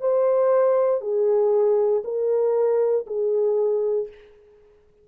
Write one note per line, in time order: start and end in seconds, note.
0.00 1.01 C5
1.01 2.02 G#4
2.04 3.06 A#4
3.06 4.08 G#4